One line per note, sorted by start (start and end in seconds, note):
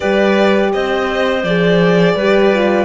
0.00 0.75 G3
0.00 1.42 G4
0.00 0.73 B4
0.00 0.71 D5
0.73 1.43 C4
0.73 2.15 C5
0.73 1.44 D#5
1.43 2.14 F3
1.43 2.18 G#4
1.43 2.85 D5
2.14 2.85 G3
2.14 2.54 G4
2.14 2.85 B4
2.54 2.85 F4